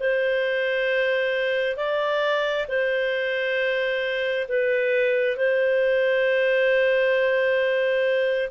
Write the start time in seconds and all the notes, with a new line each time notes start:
0.00 C5
1.77 D5
2.68 C5
4.49 B4
5.36 C5